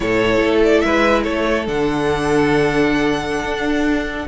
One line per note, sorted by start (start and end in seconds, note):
0.00 0.40 A2
0.00 1.65 E4
0.00 0.85 A4
0.00 0.59 C#5
0.40 0.82 A3
0.63 0.80 D5
0.80 1.26 G#3
0.80 1.23 B4
0.80 1.22 E5
1.23 1.67 A3
1.23 4.25 A4
1.23 1.65 C#5
1.66 3.43 D3
1.66 4.26 D4
1.66 4.27 F#5
3.43 4.26 D4